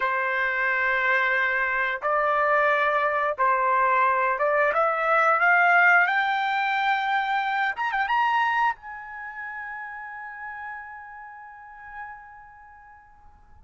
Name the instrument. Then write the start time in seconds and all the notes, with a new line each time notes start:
trumpet
0.00 C5
2.01 D5
3.37 C5
4.38 D5
4.73 E5
5.39 F5
6.06 G5
7.75 A#5
7.92 G5
8.07 A#5
8.75 G#5